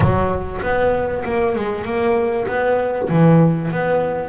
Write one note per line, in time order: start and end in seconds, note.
0.00 0.60 F#3
0.61 1.23 B3
1.24 1.55 A#3
1.55 1.84 G#3
1.84 2.46 A#3
2.47 3.08 B3
3.09 3.71 E3
3.71 4.28 B3